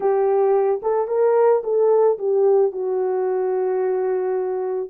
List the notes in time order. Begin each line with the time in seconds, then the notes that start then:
0.00 G4
0.82 A4
1.07 A#4
1.63 A4
2.18 G4
2.72 F#4